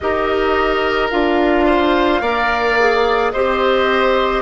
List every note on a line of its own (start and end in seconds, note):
0.00 1.12 D#4
0.00 1.11 G4
0.00 1.65 A#4
0.00 1.09 D#5
1.10 2.21 D4
1.10 2.22 F4
1.10 3.31 F5
1.65 2.21 C5
2.21 3.32 A#3
2.21 2.77 A#4
2.21 3.32 D5
2.79 3.34 G#4
3.31 4.42 C4
3.31 4.42 G4
3.31 4.42 C5
3.31 4.42 D#5